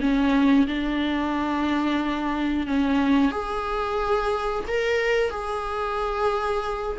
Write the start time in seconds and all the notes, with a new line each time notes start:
0.00 C#4
0.67 D4
2.66 C#4
3.31 G#4
4.67 A#4
5.30 G#4